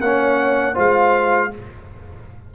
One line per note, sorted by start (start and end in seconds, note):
0.00 0.76 A#3
0.00 0.74 C#4
0.00 0.73 C#5
0.00 0.76 F#5
0.73 1.53 G#3
0.73 1.50 F4
0.73 1.49 C5
0.73 1.54 F5